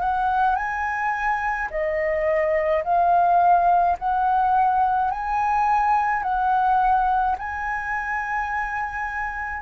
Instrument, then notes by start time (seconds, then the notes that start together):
flute
0.00 F#5
0.56 G#5
1.70 D#5
2.84 F5
3.99 F#5
5.11 G#5
6.23 F#5
7.38 G#5